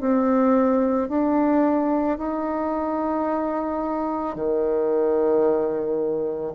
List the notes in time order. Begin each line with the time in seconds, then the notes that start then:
0.00 C4
1.08 D4
2.18 D#4
4.35 D#3